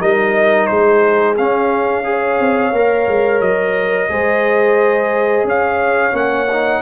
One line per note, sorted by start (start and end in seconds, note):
0.00 0.69 G3
0.00 1.36 D#4
0.00 0.69 A#4
0.00 0.66 D#5
0.66 1.38 G#3
0.66 2.06 G#4
0.66 1.35 C5
1.37 2.40 C#4
1.37 2.04 C#4
1.37 3.41 F5
2.04 2.72 G#4
2.04 4.11 C#5
2.40 2.73 C4
2.73 3.07 A#3
2.73 4.09 A#4
3.07 3.41 G#3
3.41 4.09 F#3
3.41 5.45 D#5
4.09 5.44 G#3
4.09 6.12 G#4
4.09 5.47 C5
5.44 6.12 C#4
5.44 6.82 C#5
5.44 6.16 F5
6.12 6.81 A#3
6.12 6.46 C#4
6.12 6.82 F#5
6.52 6.82 D#4